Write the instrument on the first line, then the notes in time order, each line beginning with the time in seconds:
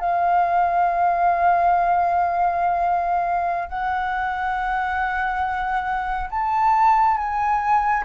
flute
0.00 F5
3.69 F#5
6.30 A5
7.18 G#5